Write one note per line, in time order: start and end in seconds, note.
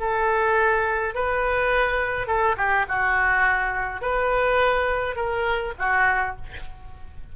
0.00 1.15 A4
1.15 2.27 B4
2.27 2.56 A4
2.57 2.86 G4
2.88 4.01 F#4
4.01 5.16 B4
5.16 5.74 A#4
5.79 6.36 F#4